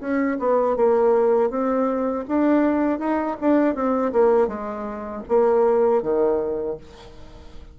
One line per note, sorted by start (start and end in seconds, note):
0.00 0.38 C#4
0.39 0.76 B3
0.76 1.50 A#3
1.50 2.25 C4
2.28 2.99 D4
2.99 3.36 D#4
3.41 3.75 D4
3.75 4.12 C4
4.12 4.48 A#3
4.48 5.23 G#3
5.28 6.02 A#3
6.02 6.77 D#3